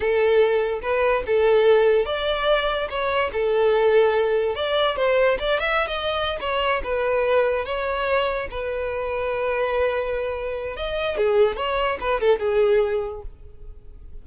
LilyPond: \new Staff \with { instrumentName = "violin" } { \time 4/4 \tempo 4 = 145 a'2 b'4 a'4~ | a'4 d''2 cis''4 | a'2. d''4 | c''4 d''8 e''8. dis''4~ dis''16 cis''8~ |
cis''8 b'2 cis''4.~ | cis''8 b'2.~ b'8~ | b'2 dis''4 gis'4 | cis''4 b'8 a'8 gis'2 | }